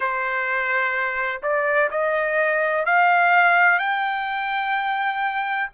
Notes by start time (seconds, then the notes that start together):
0.00 C5
1.42 D5
1.90 D#5
2.85 F5
3.78 G5